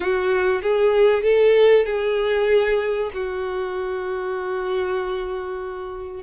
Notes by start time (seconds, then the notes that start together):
0.00 F#4
0.62 G#4
1.23 A4
1.85 G#4
3.13 F#4